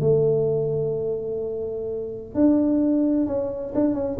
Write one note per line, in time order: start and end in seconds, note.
0.00 2.34 A3
2.34 3.26 D4
3.26 3.73 C#4
3.74 3.94 D4
3.94 4.17 C#4